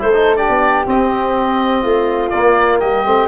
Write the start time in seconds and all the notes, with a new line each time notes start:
0.00 A3 E4 A4 C5
0.13 D#4
0.36 D4 G4 D5
0.49 B3
0.86 C4 D#5
1.83 A3 F4
2.30 A#3 D5
2.80 G3 G4 D#5
3.05 A3 C4